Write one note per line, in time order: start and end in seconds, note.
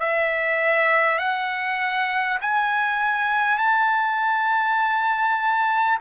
0.00 1.18 E5
1.18 2.38 F#5
2.41 3.58 G#5
3.58 5.98 A5